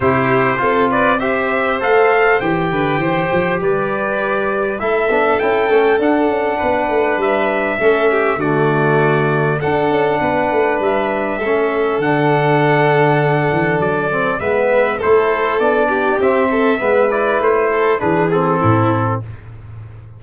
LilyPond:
<<
  \new Staff \with { instrumentName = "trumpet" } { \time 4/4 \tempo 4 = 100 c''4. d''8 e''4 f''4 | g''2 d''2 | e''4 g''4 fis''2 | e''2 d''2 |
fis''2 e''2 | fis''2. d''4 | e''4 c''4 d''4 e''4~ | e''8 d''8 c''4 b'8 a'4. | }
  \new Staff \with { instrumentName = "violin" } { \time 4/4 g'4 a'8 b'8 c''2~ | c''8 b'8 c''4 b'2 | a'2. b'4~ | b'4 a'8 g'8 fis'2 |
a'4 b'2 a'4~ | a'1 | b'4 a'4. g'4 a'8 | b'4. a'8 gis'4 e'4 | }
  \new Staff \with { instrumentName = "trombone" } { \time 4/4 e'4 f'4 g'4 a'4 | g'1 | e'8 d'8 e'8 cis'8 d'2~ | d'4 cis'4 a2 |
d'2. cis'4 | d'2.~ d'8 c'8 | b4 e'4 d'4 c'4 | b8 e'4. d'8 c'4. | }
  \new Staff \with { instrumentName = "tuba" } { \time 4/4 c4 c'2 a4 | e8 d8 e8 f8 g2 | a8 b8 cis'8 a8 d'8 cis'8 b8 a8 | g4 a4 d2 |
d'8 cis'8 b8 a8 g4 a4 | d2~ d8 e8 fis4 | gis4 a4 b4 c'4 | gis4 a4 e4 a,4 | }
>>